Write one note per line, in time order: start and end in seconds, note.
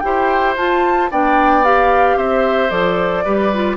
0.00 0.57 E4
0.00 0.57 G4
0.00 1.11 C5
0.00 0.54 G5
0.57 1.11 F4
0.57 1.11 A5
1.11 2.16 B3
1.11 1.64 D4
1.11 2.17 D5
1.11 1.65 G5
1.64 2.70 G4
1.64 2.18 F5
2.16 2.70 C4
2.16 3.25 C5
2.16 2.70 E5
2.70 3.24 F3
2.70 3.24 A4
2.70 3.77 D5
3.25 3.77 G3
3.25 3.52 G4
3.25 3.77 B4
3.54 3.77 F4